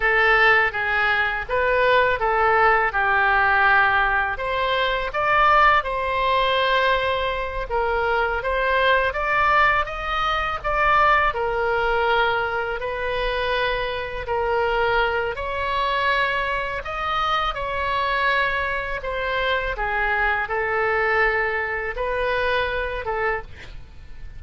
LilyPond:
\new Staff \with { instrumentName = "oboe" } { \time 4/4 \tempo 4 = 82 a'4 gis'4 b'4 a'4 | g'2 c''4 d''4 | c''2~ c''8 ais'4 c''8~ | c''8 d''4 dis''4 d''4 ais'8~ |
ais'4. b'2 ais'8~ | ais'4 cis''2 dis''4 | cis''2 c''4 gis'4 | a'2 b'4. a'8 | }